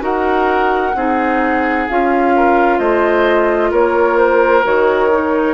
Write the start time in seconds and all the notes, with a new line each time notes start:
0.00 D#4 F#4 A#4 F#5
0.95 C4 D#4 G#4
1.90 C#4 F4 F5
2.36 A#4
2.79 A3 C5 D#5
3.71 A#3 A#4 C#5
4.18 C5
4.64 D#3 F#4 C#5
5.12 D#4